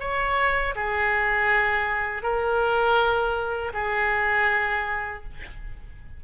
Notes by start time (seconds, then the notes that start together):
0.00 C#5
0.76 G#4
2.23 A#4
3.74 G#4